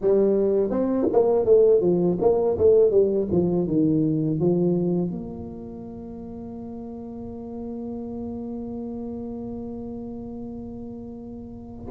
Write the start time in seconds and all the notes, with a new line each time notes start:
0.01 G3
0.70 C4
1.12 A#3
1.45 A3
1.81 F3
2.21 A#3
2.58 A3
2.91 G3
3.31 F3
3.67 D#3
4.39 F3
5.11 A#3